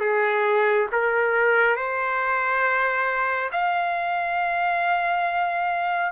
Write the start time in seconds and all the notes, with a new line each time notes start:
0.00 G#4
0.92 A#4
1.76 C5
3.52 F5